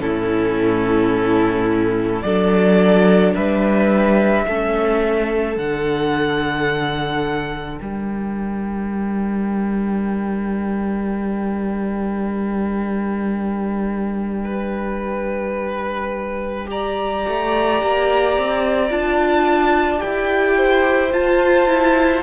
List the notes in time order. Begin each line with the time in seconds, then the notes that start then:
0.00 A2 C#4 E4 A4
2.22 F#3 D4 A4 D5
3.34 G3 B4 E5
4.47 A3 C#4 A4
5.57 D3 D4 F#5
7.78 G3 A#4 G5
14.45 B4
16.67 G4 D5 A#5
17.28 A3
17.83 A#3
18.38 C4
18.90 D4 F4 A5
19.98 G4 G5
20.04 E4
20.57 C5
21.12 F4 A5
21.67 E4